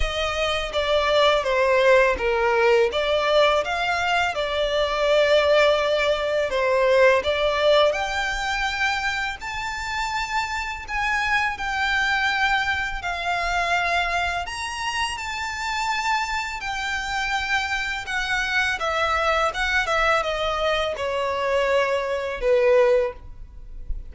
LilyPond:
\new Staff \with { instrumentName = "violin" } { \time 4/4 \tempo 4 = 83 dis''4 d''4 c''4 ais'4 | d''4 f''4 d''2~ | d''4 c''4 d''4 g''4~ | g''4 a''2 gis''4 |
g''2 f''2 | ais''4 a''2 g''4~ | g''4 fis''4 e''4 fis''8 e''8 | dis''4 cis''2 b'4 | }